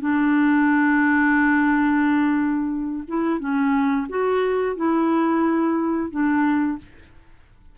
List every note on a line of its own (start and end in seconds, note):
0.00 3.03 D4
3.07 3.39 E4
3.39 4.07 C#4
4.09 4.76 F#4
4.76 6.10 E4
6.10 6.78 D4